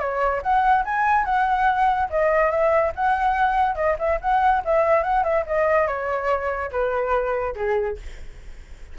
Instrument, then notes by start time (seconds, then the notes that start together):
flute
0.00 C#5
0.43 F#5
0.85 G#5
1.25 F#5
2.11 D#5
2.51 E5
2.96 F#5
3.76 D#5
3.99 E5
4.21 F#5
4.66 E5
5.04 F#5
5.24 E5
5.47 D#5
5.88 C#5
6.72 B4
7.56 G#4